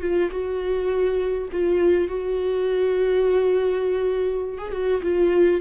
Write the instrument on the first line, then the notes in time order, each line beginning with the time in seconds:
viola
0.00 F4
0.30 F#4
1.52 F4
2.07 F#4
4.57 G#4
4.72 F#4
5.02 F4